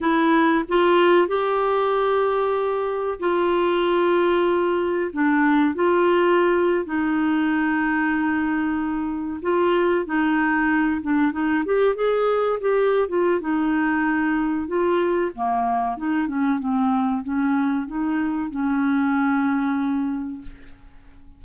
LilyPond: \new Staff \with { instrumentName = "clarinet" } { \time 4/4 \tempo 4 = 94 e'4 f'4 g'2~ | g'4 f'2. | d'4 f'4.~ f'16 dis'4~ dis'16~ | dis'2~ dis'8. f'4 dis'16~ |
dis'4~ dis'16 d'8 dis'8 g'8 gis'4 g'16~ | g'8 f'8 dis'2 f'4 | ais4 dis'8 cis'8 c'4 cis'4 | dis'4 cis'2. | }